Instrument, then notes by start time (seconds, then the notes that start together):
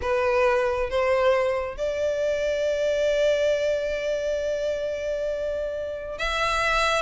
violin
0.01 B4
0.90 C5
1.77 D5
6.18 E5